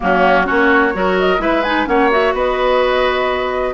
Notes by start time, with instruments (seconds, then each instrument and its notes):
0.00 bassoon F#3, clarinet A#3, oboe C#4, flute F#4
0.45 bassoon A#3, clarinet C#4, oboe F#4, flute C#5
0.93 bassoon F#3, clarinet F#4, oboe A#4
1.19 flute D#5
1.38 bassoon G#3, clarinet E4, oboe B4, flute E5
1.63 clarinet D#4, flute G#5
1.86 bassoon A#3, clarinet C#4, oboe C#5, flute F#5
2.11 clarinet F#4, flute E5
2.33 bassoon B3, oboe B4, flute D#5